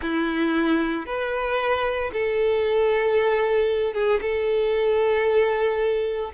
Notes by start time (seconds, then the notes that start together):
0.02 E4
1.06 B4
2.12 A4
3.93 G#4
4.21 A4